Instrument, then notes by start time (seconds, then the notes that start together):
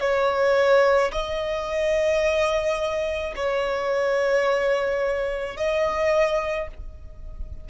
violin
0.00 C#5
1.11 D#5
3.36 C#5
5.56 D#5